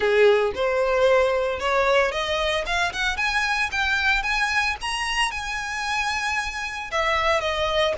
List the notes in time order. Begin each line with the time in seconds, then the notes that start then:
0.00 G#4
0.54 C5
1.59 C#5
2.11 D#5
2.65 F5
2.93 F#5
3.16 G#5
3.71 G5
4.23 G#5
4.81 A#5
5.31 G#5
6.91 E5
7.41 D#5